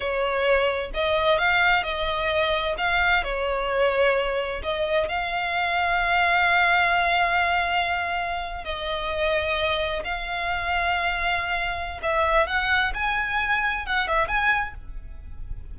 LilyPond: \new Staff \with { instrumentName = "violin" } { \time 4/4 \tempo 4 = 130 cis''2 dis''4 f''4 | dis''2 f''4 cis''4~ | cis''2 dis''4 f''4~ | f''1~ |
f''2~ f''8. dis''4~ dis''16~ | dis''4.~ dis''16 f''2~ f''16~ | f''2 e''4 fis''4 | gis''2 fis''8 e''8 gis''4 | }